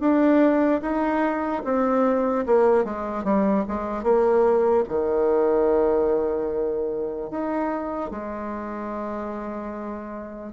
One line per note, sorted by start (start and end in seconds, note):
0.00 0.81 D4
0.82 1.63 D#4
1.64 2.45 C4
2.47 2.85 A#3
2.85 3.24 G#3
3.24 3.64 G3
3.68 4.03 G#3
4.03 4.84 A#3
4.88 7.30 D#3
7.30 8.11 D#4
8.11 10.53 G#3